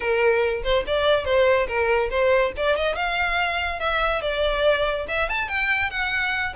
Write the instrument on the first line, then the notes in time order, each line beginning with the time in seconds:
violin
0.00 A#4
0.63 C5
0.87 D5
1.24 C5
1.67 A#4
2.10 C5
2.56 D5
2.76 D#5
2.95 F5
3.79 E5
4.21 D5
5.08 E5
5.29 A5
5.48 G5
5.90 F#5